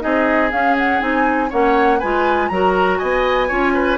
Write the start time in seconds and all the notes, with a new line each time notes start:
0.00 C4 D#4 G#4 D#5
0.51 C#4 F5
0.79 F#5
1.00 C4 D#4 G#5
1.50 A#3 C#4 C#5 F#5
2.00 G#3 F4 B4 G#5
2.49 F#3 F#4 A#4 A#5
2.98 B3 D#5 G#5
3.49 C#4 F4 C#5
3.74 B4